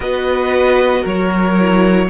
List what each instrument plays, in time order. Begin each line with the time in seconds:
0.00 cello B3, viola F#4, violin B4 D#5
1.01 cello F#3, violin A#4 C#5
1.58 viola E4